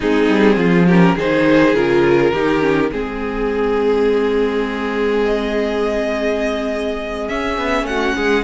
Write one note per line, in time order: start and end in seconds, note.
0.00 0.28 G#3
0.00 0.88 C4
0.00 0.56 D#4
0.00 0.88 G#4
0.28 0.56 G3
0.56 1.14 F3
0.56 0.86 F4
0.86 1.17 C#4
0.86 1.15 G4
0.86 1.17 A#4
1.15 1.73 D#3
1.15 1.75 D#4
1.15 2.31 G#4
1.15 1.75 C5
1.73 2.32 C#3
1.73 2.33 F4
1.73 2.91 A#4
2.32 2.91 D#3
2.32 2.60 D#4
2.32 2.90 G4
2.60 2.89 C#4
2.91 7.28 G#3
2.91 7.28 C4
2.91 7.86 G#4
2.91 5.25 G#4
5.25 7.28 D#5
7.28 8.43 C#4
7.28 7.58 C#4
7.28 7.86 E5
7.58 7.83 B3
7.83 8.12 A3
7.83 8.43 F#5
7.89 8.16 F#4
8.16 8.43 G#3
8.16 8.43 G#4